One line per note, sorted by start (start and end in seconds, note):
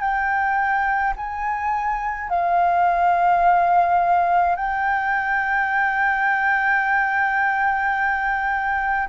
0.00 1.13 G5
1.16 2.29 G#5
2.29 4.55 F5
4.55 9.08 G5